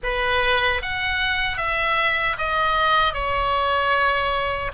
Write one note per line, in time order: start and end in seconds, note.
0.03 0.81 B4
0.81 1.57 F#5
1.57 2.36 E5
2.38 3.13 D#5
3.13 4.71 C#5